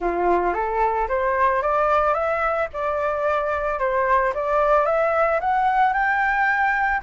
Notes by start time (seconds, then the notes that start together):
0.00 F4
0.53 A4
1.08 C5
1.62 D5
2.14 E5
2.73 D5
3.79 C5
4.34 D5
4.85 E5
5.40 F#5
5.93 G5